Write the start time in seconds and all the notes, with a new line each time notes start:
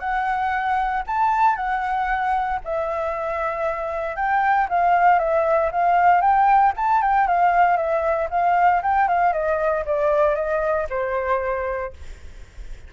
0.00 F#5
1.07 A5
1.57 F#5
2.65 E5
4.16 G5
4.70 F5
5.19 E5
5.72 F5
6.22 G5
6.77 A5
7.02 G5
7.28 F5
7.77 E5
8.31 F5
8.83 G5
9.08 F5
9.33 D#5
9.86 D5
10.36 D#5
10.90 C5